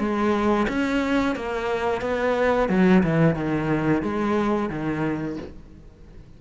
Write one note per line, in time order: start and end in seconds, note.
0.00 0.67 G#3
0.69 1.36 C#4
1.36 2.02 A#3
2.02 2.69 B3
2.69 3.03 F#3
3.04 3.36 E3
3.36 4.03 D#3
4.03 4.70 G#3
4.70 5.38 D#3